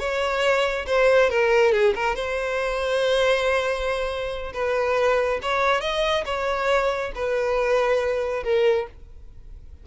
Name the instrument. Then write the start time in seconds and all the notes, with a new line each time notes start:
violin
0.00 C#5
0.87 C5
1.30 A#4
1.72 G#4
1.95 A#4
2.16 C5
4.54 B4
5.43 C#5
5.81 D#5
6.26 C#5
7.15 B4
8.44 A#4